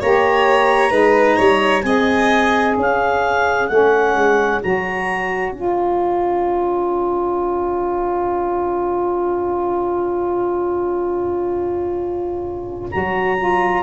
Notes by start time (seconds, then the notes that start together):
0.00 A#3 G4 C#5 A#5
0.90 G#3 D#4 B4
1.37 G3 C#5
1.82 C4 G#4 D#5 G#5
2.76 C#4 C#5
2.82 F5
3.68 A3 C#4 F#5
4.15 G#3
4.62 F#3 F#4 A#5
5.50 C#4 F4 G#5
12.91 F#3 F#4 A#5
13.38 F4